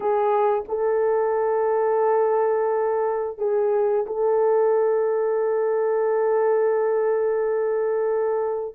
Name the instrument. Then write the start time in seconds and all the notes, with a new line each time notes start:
horn
0.00 G#4
0.68 A4
3.38 G#4
4.06 A4